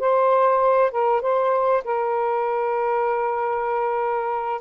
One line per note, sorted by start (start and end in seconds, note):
0.00 0.92 C5
0.92 1.22 A#4
1.22 1.84 C5
1.85 4.62 A#4